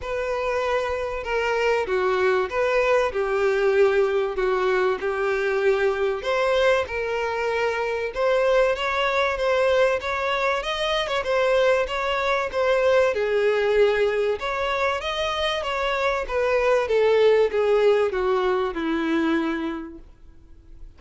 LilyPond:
\new Staff \with { instrumentName = "violin" } { \time 4/4 \tempo 4 = 96 b'2 ais'4 fis'4 | b'4 g'2 fis'4 | g'2 c''4 ais'4~ | ais'4 c''4 cis''4 c''4 |
cis''4 dis''8. cis''16 c''4 cis''4 | c''4 gis'2 cis''4 | dis''4 cis''4 b'4 a'4 | gis'4 fis'4 e'2 | }